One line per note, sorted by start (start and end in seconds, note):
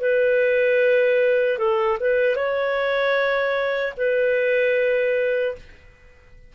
0.00 1.58 B4
1.58 1.97 A4
1.99 2.35 B4
2.35 3.93 C#5
3.97 5.55 B4